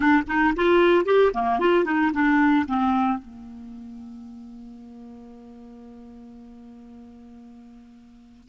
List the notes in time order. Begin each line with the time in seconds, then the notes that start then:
0.00 D4
0.27 D#4
0.56 F4
1.05 G4
1.33 A#3
1.59 F4
1.84 D#4
2.13 D4
2.67 C4
3.18 A#3